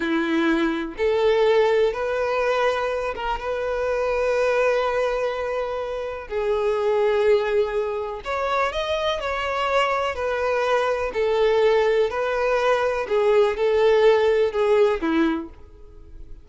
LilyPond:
\new Staff \with { instrumentName = "violin" } { \time 4/4 \tempo 4 = 124 e'2 a'2 | b'2~ b'8 ais'8 b'4~ | b'1~ | b'4 gis'2.~ |
gis'4 cis''4 dis''4 cis''4~ | cis''4 b'2 a'4~ | a'4 b'2 gis'4 | a'2 gis'4 e'4 | }